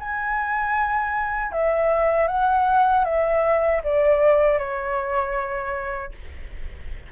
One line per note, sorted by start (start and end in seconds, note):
0.00 1.52 G#5
1.52 2.28 E5
2.28 3.05 F#5
3.05 3.82 E5
3.84 4.58 D5
4.58 6.12 C#5